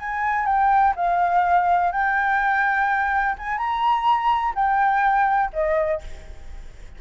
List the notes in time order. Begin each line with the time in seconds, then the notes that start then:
0.00 G#5
0.46 G5
0.96 F5
1.92 G5
3.38 G#5
3.58 A#5
4.56 G5
5.53 D#5